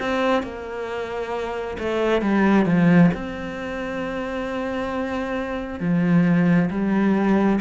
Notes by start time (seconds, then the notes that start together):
0.00 C4
0.44 A#3
1.79 A3
2.22 G3
2.66 F3
3.15 C4
5.80 F3
6.71 G3